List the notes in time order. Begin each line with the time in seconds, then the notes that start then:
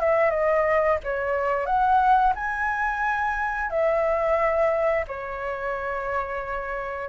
0.00 E5
0.31 D#5
1.04 C#5
1.66 F#5
2.35 G#5
3.70 E5
5.08 C#5